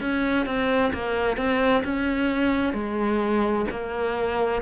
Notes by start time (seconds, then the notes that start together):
0.00 C#4
0.45 C4
0.93 A#3
1.37 C4
1.84 C#4
2.73 G#3
3.70 A#3